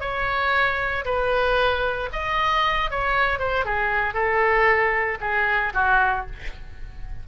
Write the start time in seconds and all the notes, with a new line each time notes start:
0.00 C#5
1.05 B4
2.12 D#5
2.91 C#5
3.39 C5
3.65 G#4
4.14 A4
5.21 G#4
5.74 F#4